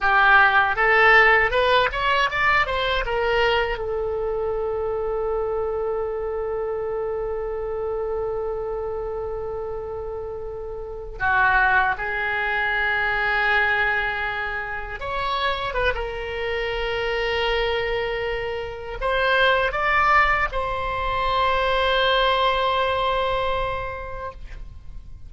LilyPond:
\new Staff \with { instrumentName = "oboe" } { \time 4/4 \tempo 4 = 79 g'4 a'4 b'8 cis''8 d''8 c''8 | ais'4 a'2.~ | a'1~ | a'2~ a'8. fis'4 gis'16~ |
gis'2.~ gis'8. cis''16~ | cis''8. b'16 ais'2.~ | ais'4 c''4 d''4 c''4~ | c''1 | }